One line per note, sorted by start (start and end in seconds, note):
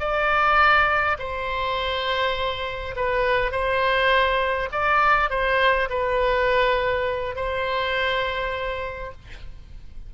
0.00 1.18 D5
1.19 2.95 C5
2.97 3.52 B4
3.52 4.70 C5
4.72 5.30 D5
5.30 5.89 C5
5.90 7.36 B4
7.36 9.12 C5